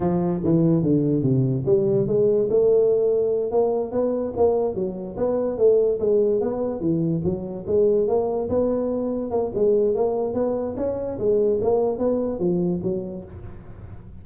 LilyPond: \new Staff \with { instrumentName = "tuba" } { \time 4/4 \tempo 4 = 145 f4 e4 d4 c4 | g4 gis4 a2~ | a8 ais4 b4 ais4 fis8~ | fis8 b4 a4 gis4 b8~ |
b8 e4 fis4 gis4 ais8~ | ais8 b2 ais8 gis4 | ais4 b4 cis'4 gis4 | ais4 b4 f4 fis4 | }